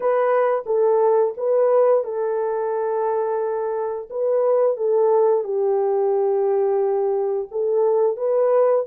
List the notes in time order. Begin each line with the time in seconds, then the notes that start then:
0.00 B4
0.66 A4
1.37 B4
2.04 A4
4.10 B4
4.76 A4
5.44 G4
7.51 A4
8.16 B4